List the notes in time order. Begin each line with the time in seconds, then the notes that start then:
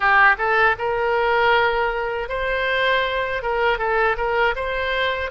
0.00 G4
0.38 A4
0.78 A#4
2.29 C5
3.42 A#4
3.78 A4
4.17 A#4
4.55 C5